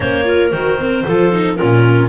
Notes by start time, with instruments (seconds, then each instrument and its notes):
0.00 double bass A#3, viola C#4, clarinet C5 C#5
0.24 viola F4, clarinet A#4
0.50 double bass D#3, viola F#4, clarinet C5
0.78 viola C4
1.05 double bass F3, viola F4, clarinet A4
1.31 viola D#4
1.55 double bass A#2, viola C#4, clarinet F4 A#4